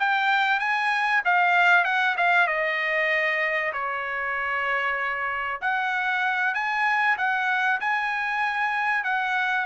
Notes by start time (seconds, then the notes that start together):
0.00 G5
0.60 G#5
1.25 F5
1.85 F#5
2.17 F5
2.48 D#5
3.73 C#5
5.61 F#5
6.55 G#5
7.18 F#5
7.81 G#5
9.04 F#5